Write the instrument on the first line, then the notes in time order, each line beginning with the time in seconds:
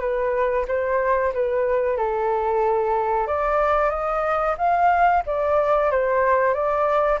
flute
0.00 B4
0.67 C5
1.33 B4
1.97 A4
3.27 D5
3.90 D#5
4.57 F5
5.26 D5
5.91 C5
6.54 D5